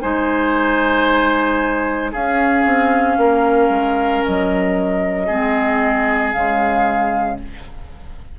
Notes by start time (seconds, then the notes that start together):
0.00 G#3 D#4 C5 G#5
2.11 C#4 G#4 F5
2.65 C4
3.17 A#3 A#4
3.68 G#3
4.24 F#3 D#5
5.26 G#3 C4 G#4
6.31 C#3 G#3 F5